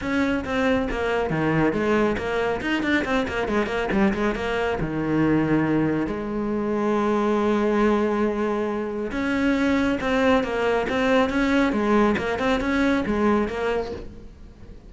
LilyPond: \new Staff \with { instrumentName = "cello" } { \time 4/4 \tempo 4 = 138 cis'4 c'4 ais4 dis4 | gis4 ais4 dis'8 d'8 c'8 ais8 | gis8 ais8 g8 gis8 ais4 dis4~ | dis2 gis2~ |
gis1~ | gis4 cis'2 c'4 | ais4 c'4 cis'4 gis4 | ais8 c'8 cis'4 gis4 ais4 | }